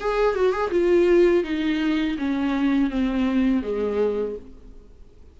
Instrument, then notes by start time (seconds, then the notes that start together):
viola
0.00 G#4
0.35 F#4
0.52 G#4
0.71 F4
1.44 D#4
2.18 C#4
2.90 C4
3.62 G#3